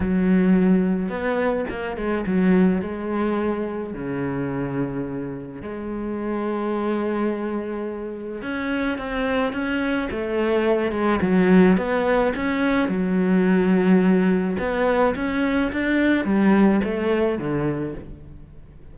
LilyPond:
\new Staff \with { instrumentName = "cello" } { \time 4/4 \tempo 4 = 107 fis2 b4 ais8 gis8 | fis4 gis2 cis4~ | cis2 gis2~ | gis2. cis'4 |
c'4 cis'4 a4. gis8 | fis4 b4 cis'4 fis4~ | fis2 b4 cis'4 | d'4 g4 a4 d4 | }